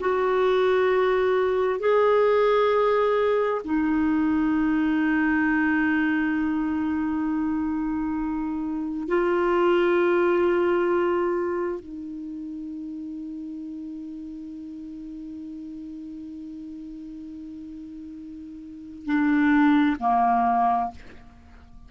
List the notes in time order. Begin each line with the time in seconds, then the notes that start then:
0.00 F#4
1.79 G#4
3.64 D#4
9.07 F4
11.80 D#4
19.05 D4
20.00 A#3